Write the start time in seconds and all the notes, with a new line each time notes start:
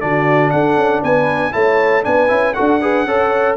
0.00 D3 D4 F#4 D5
0.51 D4 A4 F#5
0.77 C#4
1.02 B3 B4 G#5
1.52 A3 E4 C#5 A5
2.03 B3 D4 B4 G#5
2.28 C#4 E4
2.54 F#4 A4 F#5
2.60 D4
2.81 G#4 B4
3.06 C#4 A4 C#5